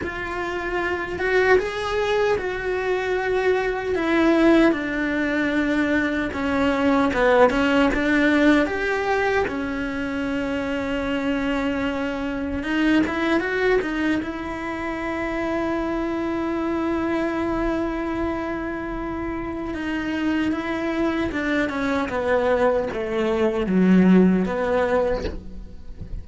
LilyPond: \new Staff \with { instrumentName = "cello" } { \time 4/4 \tempo 4 = 76 f'4. fis'8 gis'4 fis'4~ | fis'4 e'4 d'2 | cis'4 b8 cis'8 d'4 g'4 | cis'1 |
dis'8 e'8 fis'8 dis'8 e'2~ | e'1~ | e'4 dis'4 e'4 d'8 cis'8 | b4 a4 fis4 b4 | }